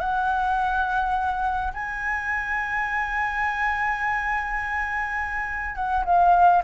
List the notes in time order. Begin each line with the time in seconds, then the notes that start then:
0.00 F#5
1.74 G#5
5.76 F#5
6.05 F5